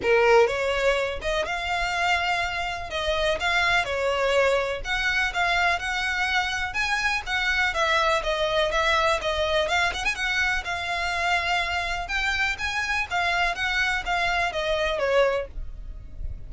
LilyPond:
\new Staff \with { instrumentName = "violin" } { \time 4/4 \tempo 4 = 124 ais'4 cis''4. dis''8 f''4~ | f''2 dis''4 f''4 | cis''2 fis''4 f''4 | fis''2 gis''4 fis''4 |
e''4 dis''4 e''4 dis''4 | f''8 fis''16 gis''16 fis''4 f''2~ | f''4 g''4 gis''4 f''4 | fis''4 f''4 dis''4 cis''4 | }